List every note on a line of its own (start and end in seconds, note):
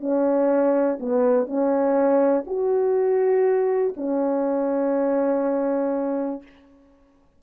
0.00 0.98 C#4
1.00 1.46 B3
1.46 2.44 C#4
2.46 3.94 F#4
3.97 6.42 C#4